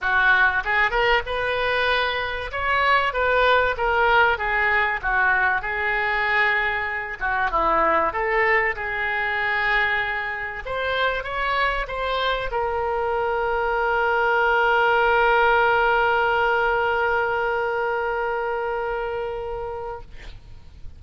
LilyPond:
\new Staff \with { instrumentName = "oboe" } { \time 4/4 \tempo 4 = 96 fis'4 gis'8 ais'8 b'2 | cis''4 b'4 ais'4 gis'4 | fis'4 gis'2~ gis'8 fis'8 | e'4 a'4 gis'2~ |
gis'4 c''4 cis''4 c''4 | ais'1~ | ais'1~ | ais'1 | }